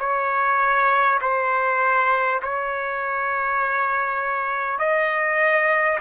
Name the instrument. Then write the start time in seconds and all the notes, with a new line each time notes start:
trumpet
0.00 C#5
1.22 C5
2.43 C#5
4.79 D#5